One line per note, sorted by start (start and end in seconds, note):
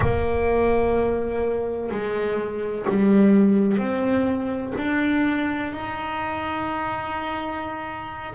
0.00 1.90 A#3
1.90 2.86 G#3
2.89 3.77 G3
3.77 4.73 C4
4.77 5.72 D4
5.72 8.34 D#4